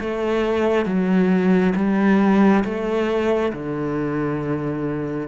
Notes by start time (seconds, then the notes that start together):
0.00 A3
0.85 F#3
1.76 G3
2.64 A3
3.53 D3